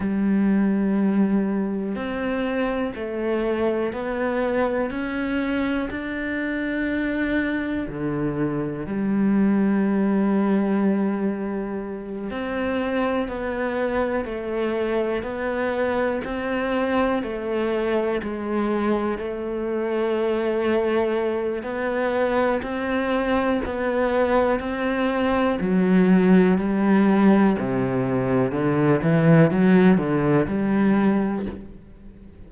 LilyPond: \new Staff \with { instrumentName = "cello" } { \time 4/4 \tempo 4 = 61 g2 c'4 a4 | b4 cis'4 d'2 | d4 g2.~ | g8 c'4 b4 a4 b8~ |
b8 c'4 a4 gis4 a8~ | a2 b4 c'4 | b4 c'4 fis4 g4 | c4 d8 e8 fis8 d8 g4 | }